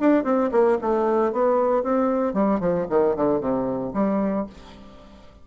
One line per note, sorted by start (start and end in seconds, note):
0.00 0.24 D4
0.24 0.50 C4
0.52 0.78 A#3
0.81 1.32 A3
1.32 1.83 B3
1.83 2.34 C4
2.34 2.60 G3
2.60 2.86 F3
2.90 3.16 D#3
3.16 3.40 D3
3.40 3.93 C3
3.94 4.46 G3